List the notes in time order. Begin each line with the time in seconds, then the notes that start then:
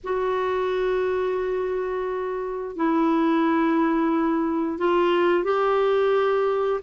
0.03 F#4
2.76 E4
4.78 F4
5.44 G4